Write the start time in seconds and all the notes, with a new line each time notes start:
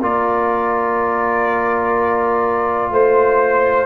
0.00 A#3 F4 A#4 D5
2.90 A3 C5